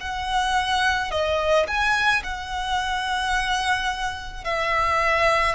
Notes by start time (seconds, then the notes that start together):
0.00 F#5
1.11 D#5
1.67 G#5
2.23 F#5
4.44 E5